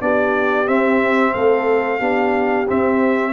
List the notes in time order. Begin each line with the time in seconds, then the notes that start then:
0.00 B3 D4 G4 D5
0.67 C4 E5
1.34 A3 A4 F5
1.98 B3 D4 G4
2.68 C4 E5